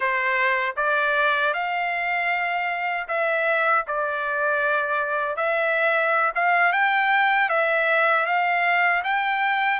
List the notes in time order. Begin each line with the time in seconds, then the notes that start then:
0.00 C5
0.76 D5
1.53 F5
3.08 E5
3.87 D5
5.36 E5
6.35 F5
6.72 G5
7.49 E5
8.26 F5
9.03 G5